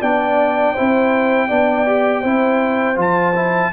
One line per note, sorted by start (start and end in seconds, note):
0.00 0.76 B3
0.00 0.76 D4
0.00 0.73 D5
0.00 2.98 G5
0.73 1.49 E4
0.73 1.47 C5
0.79 1.50 C4
1.47 2.24 B3
1.47 1.86 D4
1.47 2.21 D5
1.86 2.23 G4
2.21 2.97 C4
2.21 2.95 E4
2.21 3.69 C5
2.95 3.71 F3
2.95 3.32 F4
2.95 3.73 A5
3.35 3.72 E4